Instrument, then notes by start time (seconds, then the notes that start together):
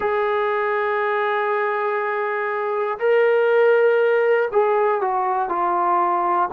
trombone
0.00 G#4
2.99 A#4
4.51 G#4
5.00 F#4
5.49 F4